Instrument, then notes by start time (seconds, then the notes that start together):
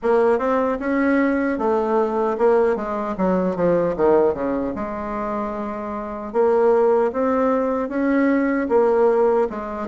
bassoon
0.02 A#3
0.38 C4
0.79 C#4
1.58 A3
2.38 A#3
2.76 G#3
3.17 F#3
3.55 F3
3.96 D#3
4.34 C#3
4.75 G#3
6.32 A#3
7.12 C4
7.88 C#4
8.68 A#3
9.49 G#3